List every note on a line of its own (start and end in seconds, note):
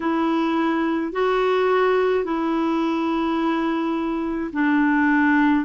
0.00 1.12 E4
1.12 2.24 F#4
2.24 4.50 E4
4.53 5.64 D4